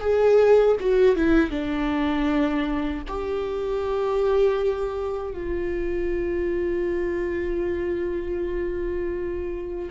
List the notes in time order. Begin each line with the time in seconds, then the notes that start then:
0.00 G#4
0.80 F#4
1.15 E4
1.50 D4
3.08 G4
5.33 F4